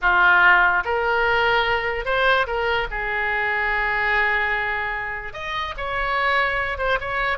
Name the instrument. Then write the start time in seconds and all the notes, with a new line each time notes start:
oboe
0.01 F4
0.84 A#4
2.05 C5
2.46 A#4
2.90 G#4
5.33 D#5
5.77 C#5
6.78 C5
7.00 C#5